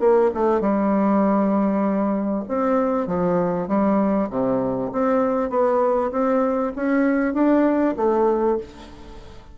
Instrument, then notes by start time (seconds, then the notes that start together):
bassoon
0.00 A#3
0.34 A3
0.61 G3
2.48 C4
3.07 F3
3.68 G3
4.30 C3
4.92 C4
5.50 B3
6.11 C4
6.76 C#4
7.34 D4
7.97 A3